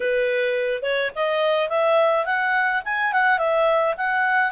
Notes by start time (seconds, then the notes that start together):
0.00 B4
0.82 C#5
1.15 D#5
1.69 E5
2.25 F#5
2.85 G#5
3.12 F#5
3.38 E5
3.97 F#5